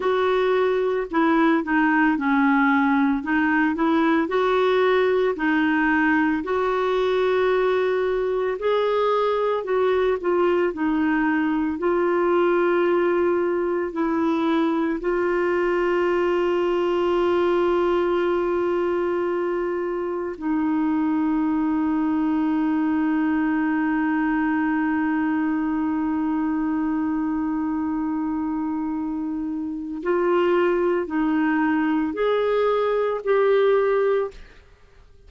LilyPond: \new Staff \with { instrumentName = "clarinet" } { \time 4/4 \tempo 4 = 56 fis'4 e'8 dis'8 cis'4 dis'8 e'8 | fis'4 dis'4 fis'2 | gis'4 fis'8 f'8 dis'4 f'4~ | f'4 e'4 f'2~ |
f'2. dis'4~ | dis'1~ | dis'1 | f'4 dis'4 gis'4 g'4 | }